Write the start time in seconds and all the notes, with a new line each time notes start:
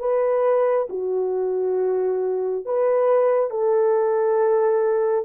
0.00 B4
0.90 F#4
2.66 B4
3.51 A4